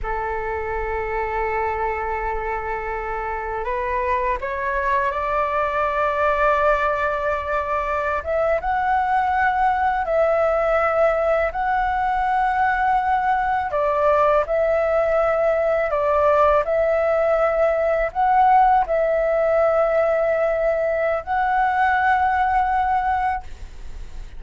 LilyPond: \new Staff \with { instrumentName = "flute" } { \time 4/4 \tempo 4 = 82 a'1~ | a'4 b'4 cis''4 d''4~ | d''2.~ d''16 e''8 fis''16~ | fis''4.~ fis''16 e''2 fis''16~ |
fis''2~ fis''8. d''4 e''16~ | e''4.~ e''16 d''4 e''4~ e''16~ | e''8. fis''4 e''2~ e''16~ | e''4 fis''2. | }